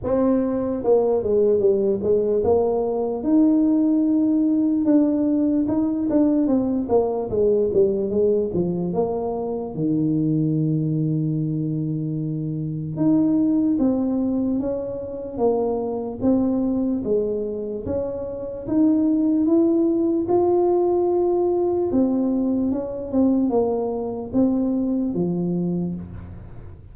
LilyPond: \new Staff \with { instrumentName = "tuba" } { \time 4/4 \tempo 4 = 74 c'4 ais8 gis8 g8 gis8 ais4 | dis'2 d'4 dis'8 d'8 | c'8 ais8 gis8 g8 gis8 f8 ais4 | dis1 |
dis'4 c'4 cis'4 ais4 | c'4 gis4 cis'4 dis'4 | e'4 f'2 c'4 | cis'8 c'8 ais4 c'4 f4 | }